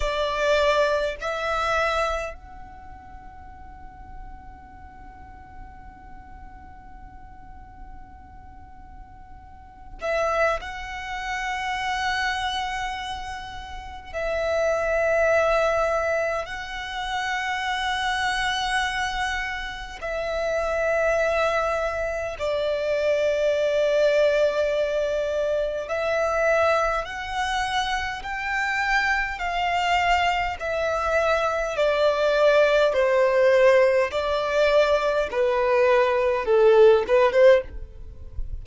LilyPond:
\new Staff \with { instrumentName = "violin" } { \time 4/4 \tempo 4 = 51 d''4 e''4 fis''2~ | fis''1~ | fis''8 e''8 fis''2. | e''2 fis''2~ |
fis''4 e''2 d''4~ | d''2 e''4 fis''4 | g''4 f''4 e''4 d''4 | c''4 d''4 b'4 a'8 b'16 c''16 | }